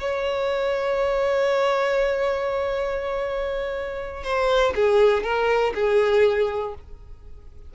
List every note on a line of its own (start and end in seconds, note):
0.00 4.24 C#5
4.24 4.74 C5
4.75 5.23 G#4
5.23 5.73 A#4
5.75 6.75 G#4